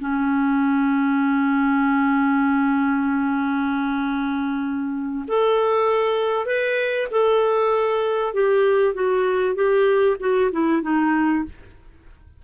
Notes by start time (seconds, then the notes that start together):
0.00 C#4
5.28 A4
6.46 B4
7.11 A4
8.34 G4
8.94 F#4
9.55 G4
10.20 F#4
10.52 E4
10.82 D#4